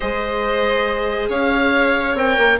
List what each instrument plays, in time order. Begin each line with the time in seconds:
0.00 bassoon G#3, viola G#4, violin C5, oboe D#5
1.28 bassoon C#4, violin C#5, oboe F5
2.14 bassoon C4, viola A#4, oboe G5
2.37 bassoon A#3